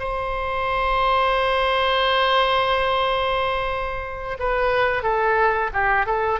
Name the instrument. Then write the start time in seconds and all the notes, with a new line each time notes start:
oboe
0.00 C5
4.40 B4
5.03 A4
5.73 G4
6.06 A4